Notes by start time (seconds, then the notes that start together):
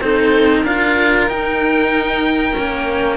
0.00 C4 D#4 A4 C5
0.62 D4 F4 A#4 F5
1.27 D#4 G5
2.53 A#3 C#4